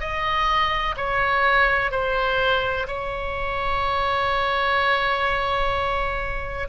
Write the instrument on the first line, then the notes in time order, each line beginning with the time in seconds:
oboe
0.00 D#5
0.97 C#5
1.91 C5
2.87 C#5